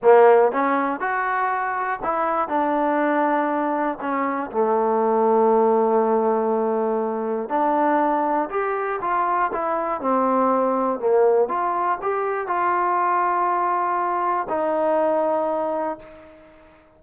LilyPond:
\new Staff \with { instrumentName = "trombone" } { \time 4/4 \tempo 4 = 120 ais4 cis'4 fis'2 | e'4 d'2. | cis'4 a2.~ | a2. d'4~ |
d'4 g'4 f'4 e'4 | c'2 ais4 f'4 | g'4 f'2.~ | f'4 dis'2. | }